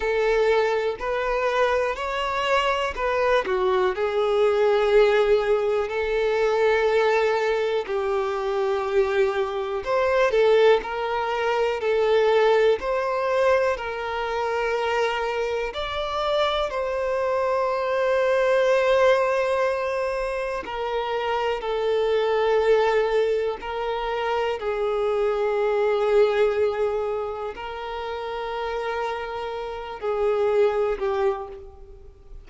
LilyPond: \new Staff \with { instrumentName = "violin" } { \time 4/4 \tempo 4 = 61 a'4 b'4 cis''4 b'8 fis'8 | gis'2 a'2 | g'2 c''8 a'8 ais'4 | a'4 c''4 ais'2 |
d''4 c''2.~ | c''4 ais'4 a'2 | ais'4 gis'2. | ais'2~ ais'8 gis'4 g'8 | }